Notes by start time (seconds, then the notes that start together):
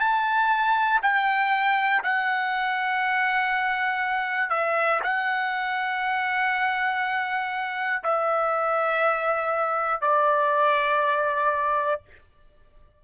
0.00 A5
1.02 G5
2.03 F#5
4.50 E5
5.03 F#5
8.03 E5
10.01 D5